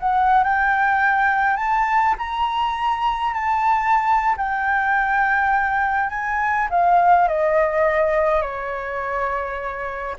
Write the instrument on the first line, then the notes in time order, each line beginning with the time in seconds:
flute
0.00 F#5
0.44 G5
1.57 A5
2.18 A#5
3.34 A5
4.38 G5
6.10 G#5
6.70 F5
7.28 D#5
8.42 C#5